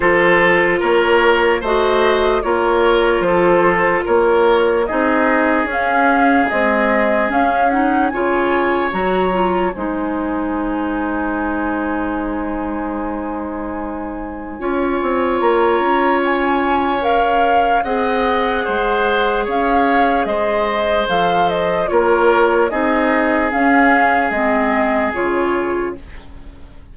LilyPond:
<<
  \new Staff \with { instrumentName = "flute" } { \time 4/4 \tempo 4 = 74 c''4 cis''4 dis''4 cis''4 | c''4 cis''4 dis''4 f''4 | dis''4 f''8 fis''8 gis''4 ais''4 | gis''1~ |
gis''2. ais''4 | gis''4 f''4 fis''2 | f''4 dis''4 f''8 dis''8 cis''4 | dis''4 f''4 dis''4 cis''4 | }
  \new Staff \with { instrumentName = "oboe" } { \time 4/4 a'4 ais'4 c''4 ais'4 | a'4 ais'4 gis'2~ | gis'2 cis''2 | c''1~ |
c''2 cis''2~ | cis''2 dis''4 c''4 | cis''4 c''2 ais'4 | gis'1 | }
  \new Staff \with { instrumentName = "clarinet" } { \time 4/4 f'2 fis'4 f'4~ | f'2 dis'4 cis'4 | gis4 cis'8 dis'8 f'4 fis'8 f'8 | dis'1~ |
dis'2 f'2~ | f'4 ais'4 gis'2~ | gis'2 a'4 f'4 | dis'4 cis'4 c'4 f'4 | }
  \new Staff \with { instrumentName = "bassoon" } { \time 4/4 f4 ais4 a4 ais4 | f4 ais4 c'4 cis'4 | c'4 cis'4 cis4 fis4 | gis1~ |
gis2 cis'8 c'8 ais8 cis'8~ | cis'2 c'4 gis4 | cis'4 gis4 f4 ais4 | c'4 cis'4 gis4 cis4 | }
>>